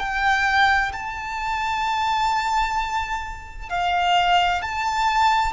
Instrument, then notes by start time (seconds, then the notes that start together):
violin
0.00 G5
0.93 A5
3.70 F5
4.62 A5